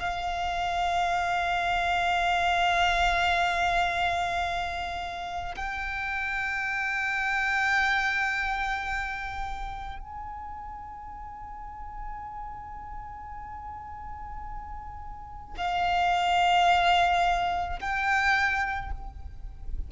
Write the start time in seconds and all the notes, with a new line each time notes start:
0.00 F5
5.57 G5
10.00 G#5
15.58 F5
17.81 G5